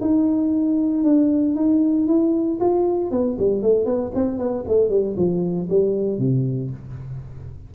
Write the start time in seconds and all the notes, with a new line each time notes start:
0.00 D#4
1.03 D4
1.55 D#4
2.07 E4
2.60 F4
3.11 B3
3.38 G3
3.62 A3
3.85 B3
4.14 C4
4.38 B3
4.67 A3
4.89 G3
5.16 F3
5.69 G3
6.18 C3